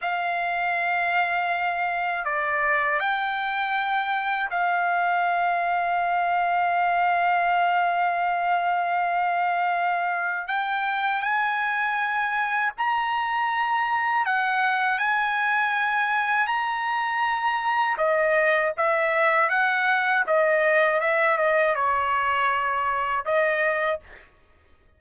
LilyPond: \new Staff \with { instrumentName = "trumpet" } { \time 4/4 \tempo 4 = 80 f''2. d''4 | g''2 f''2~ | f''1~ | f''2 g''4 gis''4~ |
gis''4 ais''2 fis''4 | gis''2 ais''2 | dis''4 e''4 fis''4 dis''4 | e''8 dis''8 cis''2 dis''4 | }